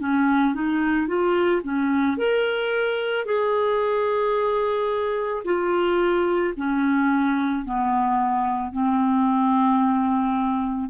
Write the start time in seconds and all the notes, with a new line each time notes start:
0.00 C#4
0.55 D#4
1.08 F4
1.64 C#4
2.18 A#4
3.26 G#4
5.45 F4
6.57 C#4
7.66 B3
8.73 C4